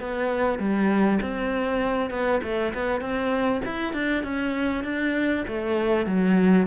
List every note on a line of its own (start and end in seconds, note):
0.00 0.59 B3
0.59 1.19 G3
1.21 2.10 C4
2.10 2.40 B3
2.43 2.73 A3
2.74 3.01 B3
3.01 3.61 C4
3.65 3.93 E4
3.93 4.23 D4
4.23 4.84 C#4
4.84 5.45 D4
5.47 6.06 A3
6.06 6.67 F#3